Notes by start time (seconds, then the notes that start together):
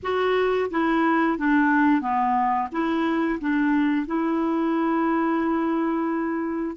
0.02 F#4
0.70 E4
1.38 D4
2.01 B3
2.72 E4
3.40 D4
4.06 E4